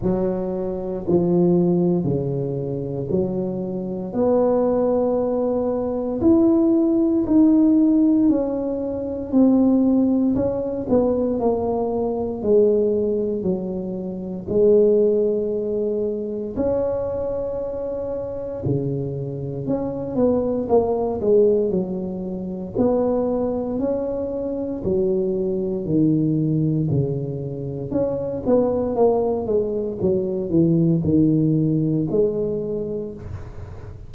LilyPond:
\new Staff \with { instrumentName = "tuba" } { \time 4/4 \tempo 4 = 58 fis4 f4 cis4 fis4 | b2 e'4 dis'4 | cis'4 c'4 cis'8 b8 ais4 | gis4 fis4 gis2 |
cis'2 cis4 cis'8 b8 | ais8 gis8 fis4 b4 cis'4 | fis4 dis4 cis4 cis'8 b8 | ais8 gis8 fis8 e8 dis4 gis4 | }